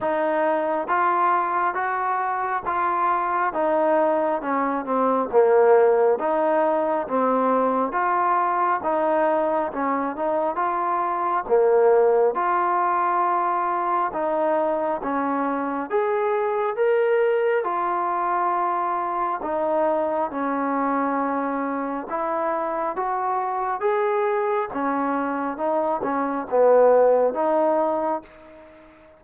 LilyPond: \new Staff \with { instrumentName = "trombone" } { \time 4/4 \tempo 4 = 68 dis'4 f'4 fis'4 f'4 | dis'4 cis'8 c'8 ais4 dis'4 | c'4 f'4 dis'4 cis'8 dis'8 | f'4 ais4 f'2 |
dis'4 cis'4 gis'4 ais'4 | f'2 dis'4 cis'4~ | cis'4 e'4 fis'4 gis'4 | cis'4 dis'8 cis'8 b4 dis'4 | }